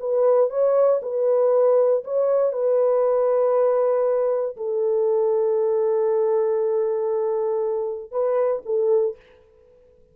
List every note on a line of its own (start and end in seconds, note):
0.00 0.50 B4
0.50 1.01 C#5
1.02 2.04 B4
2.04 2.53 C#5
2.53 4.56 B4
4.57 8.12 A4
8.12 8.63 B4
8.66 9.17 A4